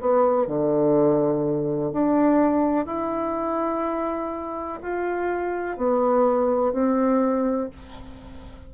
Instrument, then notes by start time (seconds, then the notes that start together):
bassoon
0.00 B3
0.47 D3
1.92 D4
2.85 E4
4.82 F4
5.77 B3
6.73 C4